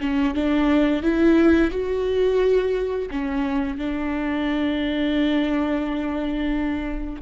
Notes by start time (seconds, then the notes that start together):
0.00 C#4
0.34 D4
1.03 E4
1.71 F#4
3.10 C#4
3.77 D4